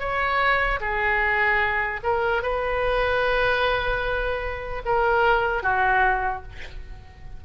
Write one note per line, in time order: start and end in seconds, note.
0.00 0.80 C#5
0.81 2.01 G#4
2.04 2.43 A#4
2.43 4.83 B4
4.85 5.63 A#4
5.63 6.43 F#4